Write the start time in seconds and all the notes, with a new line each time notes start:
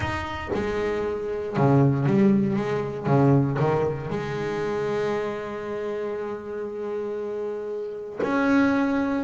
0.00 D#4
0.54 G#3
1.56 C#3
2.06 G3
2.56 G#3
3.06 C#3
3.59 D#3
4.10 G#3
8.22 C#4